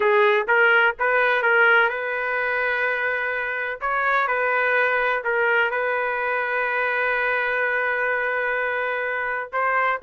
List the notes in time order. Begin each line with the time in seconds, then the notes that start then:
0.00 G#4
0.47 A#4
0.99 B4
1.42 A#4
1.89 B4
3.81 C#5
4.27 B4
5.24 A#4
5.70 B4
9.52 C5